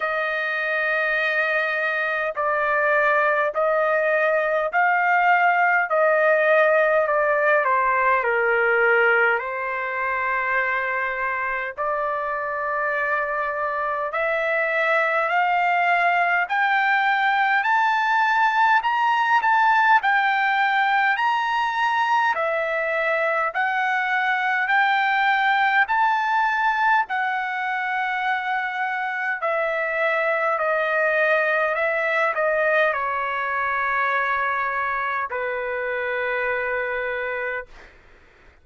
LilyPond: \new Staff \with { instrumentName = "trumpet" } { \time 4/4 \tempo 4 = 51 dis''2 d''4 dis''4 | f''4 dis''4 d''8 c''8 ais'4 | c''2 d''2 | e''4 f''4 g''4 a''4 |
ais''8 a''8 g''4 ais''4 e''4 | fis''4 g''4 a''4 fis''4~ | fis''4 e''4 dis''4 e''8 dis''8 | cis''2 b'2 | }